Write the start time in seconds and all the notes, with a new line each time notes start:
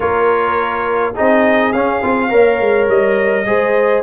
0.00 A#3 F4 A#4 C#5
1.14 C4 D#4 G#4 D#5
1.72 C#4 F5
2.02 C4 F4
2.29 A#3 A#4 C#5
2.60 G#3
2.88 G3 D#5
3.45 G#3 G#4 C5